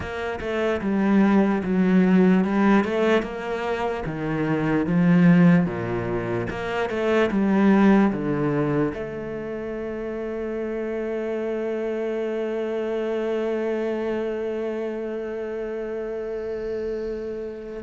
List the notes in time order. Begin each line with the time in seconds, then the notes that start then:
0.00 A#3
0.40 A3
0.81 G3
1.63 F#3
2.44 G3
2.84 A3
3.22 A#3
4.05 D#3
4.86 F3
5.65 A#2
6.50 A#3
6.89 A3
7.30 G3
8.12 D3
8.94 A3